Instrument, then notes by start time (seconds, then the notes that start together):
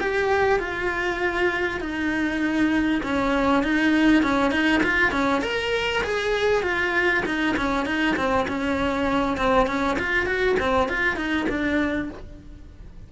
cello
0.00 G4
0.59 F4
1.80 D#4
3.02 C#4
3.63 D#4
4.22 C#4
4.51 D#4
4.83 F4
5.11 C#4
5.41 A#4
6.03 G#4
6.62 F4
7.25 D#4
7.56 C#4
7.85 D#4
8.16 C4
8.48 C#4
9.37 C4
9.67 C#4
9.99 F4
10.25 F#4
10.59 C4
10.88 F4
11.16 D#4
11.49 D4